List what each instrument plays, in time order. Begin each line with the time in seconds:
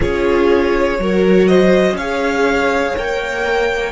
0.00 cello C#4, viola F4, violin G#4 C#5
0.98 cello F#3, viola F#4, violin A#4
1.47 violin C5 D#5
1.92 cello C#4, violin C#5 F5
1.99 viola G#4
2.97 cello A#3, viola A#4, violin G5